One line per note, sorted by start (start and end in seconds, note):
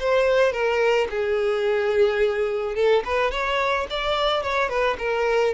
0.00 0.53 C5
0.53 1.08 A#4
1.10 2.76 G#4
2.76 3.04 A4
3.05 3.32 B4
3.32 3.87 C#5
3.90 4.43 D5
4.43 4.69 C#5
4.69 4.97 B4
4.99 5.54 A#4